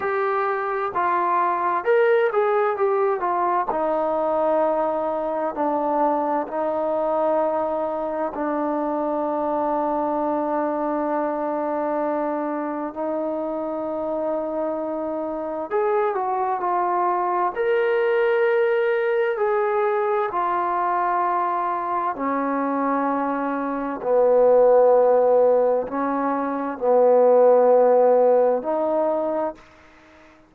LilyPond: \new Staff \with { instrumentName = "trombone" } { \time 4/4 \tempo 4 = 65 g'4 f'4 ais'8 gis'8 g'8 f'8 | dis'2 d'4 dis'4~ | dis'4 d'2.~ | d'2 dis'2~ |
dis'4 gis'8 fis'8 f'4 ais'4~ | ais'4 gis'4 f'2 | cis'2 b2 | cis'4 b2 dis'4 | }